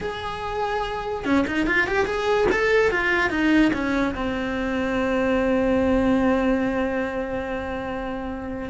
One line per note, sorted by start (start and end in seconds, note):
0.01 1.24 G#4
1.24 1.45 C#4
1.47 1.66 D#4
1.66 1.87 F4
1.87 2.05 G4
2.05 2.47 G#4
2.51 2.91 A4
2.91 3.30 F4
3.30 3.71 D#4
3.73 4.14 C#4
4.14 8.69 C4